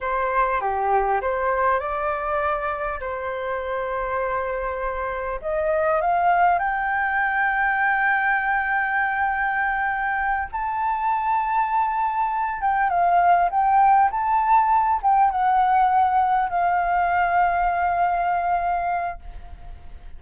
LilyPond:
\new Staff \with { instrumentName = "flute" } { \time 4/4 \tempo 4 = 100 c''4 g'4 c''4 d''4~ | d''4 c''2.~ | c''4 dis''4 f''4 g''4~ | g''1~ |
g''4. a''2~ a''8~ | a''4 g''8 f''4 g''4 a''8~ | a''4 g''8 fis''2 f''8~ | f''1 | }